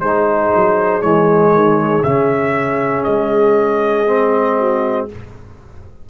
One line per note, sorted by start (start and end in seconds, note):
0.00 0.51 G#3
0.00 1.03 D#4
0.00 4.59 G#4
0.00 1.02 C5
0.56 1.03 F#3
1.02 1.52 E3
1.02 2.04 G#3
1.02 2.03 C#5
1.52 2.03 D#3
2.03 3.05 C#3
2.03 4.07 C#4
2.03 3.04 E5
3.04 5.10 G#3
3.04 5.08 D#5
4.07 5.09 C4
4.59 5.10 F#4